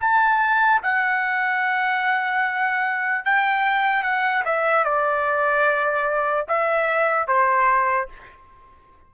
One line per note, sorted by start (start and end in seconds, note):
0.00 0.81 A5
0.83 3.25 F#5
3.25 4.02 G5
4.02 4.43 F#5
4.45 4.84 E5
4.84 6.46 D5
6.48 7.27 E5
7.27 8.08 C5